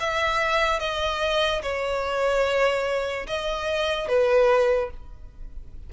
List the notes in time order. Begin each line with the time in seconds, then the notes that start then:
0.00 E5
0.80 D#5
1.63 C#5
3.27 D#5
4.08 B4